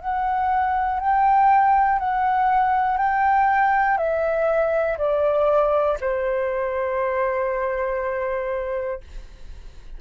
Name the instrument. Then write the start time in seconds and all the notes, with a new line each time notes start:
flute
0.00 F#5
1.00 G5
1.99 F#5
2.97 G5
3.97 E5
4.98 D5
6.00 C5